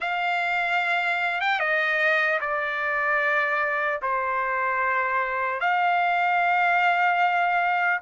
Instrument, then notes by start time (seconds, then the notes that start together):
trumpet
0.00 F5
1.40 G5
1.59 D#5
2.40 D5
4.02 C5
5.60 F5